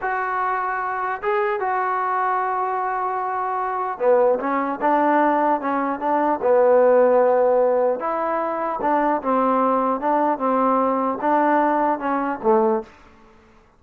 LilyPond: \new Staff \with { instrumentName = "trombone" } { \time 4/4 \tempo 4 = 150 fis'2. gis'4 | fis'1~ | fis'2 b4 cis'4 | d'2 cis'4 d'4 |
b1 | e'2 d'4 c'4~ | c'4 d'4 c'2 | d'2 cis'4 a4 | }